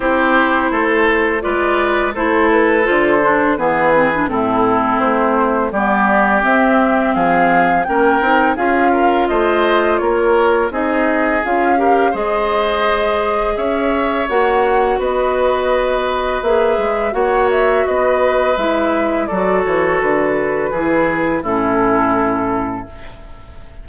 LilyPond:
<<
  \new Staff \with { instrumentName = "flute" } { \time 4/4 \tempo 4 = 84 c''2 d''4 c''8 b'8 | c''4 b'4 a'4 c''4 | d''4 e''4 f''4 g''4 | f''4 dis''4 cis''4 dis''4 |
f''4 dis''2 e''4 | fis''4 dis''2 e''4 | fis''8 e''8 dis''4 e''4 d''8 cis''8 | b'2 a'2 | }
  \new Staff \with { instrumentName = "oboe" } { \time 4/4 g'4 a'4 b'4 a'4~ | a'4 gis'4 e'2 | g'2 gis'4 ais'4 | gis'8 ais'8 c''4 ais'4 gis'4~ |
gis'8 ais'8 c''2 cis''4~ | cis''4 b'2. | cis''4 b'2 a'4~ | a'4 gis'4 e'2 | }
  \new Staff \with { instrumentName = "clarinet" } { \time 4/4 e'2 f'4 e'4 | f'8 d'8 b8 c'16 d'16 c'2 | b4 c'2 cis'8 dis'8 | f'2. dis'4 |
f'8 g'8 gis'2. | fis'2. gis'4 | fis'2 e'4 fis'4~ | fis'4 e'4 cis'2 | }
  \new Staff \with { instrumentName = "bassoon" } { \time 4/4 c'4 a4 gis4 a4 | d4 e4 a,4 a4 | g4 c'4 f4 ais8 c'8 | cis'4 a4 ais4 c'4 |
cis'4 gis2 cis'4 | ais4 b2 ais8 gis8 | ais4 b4 gis4 fis8 e8 | d4 e4 a,2 | }
>>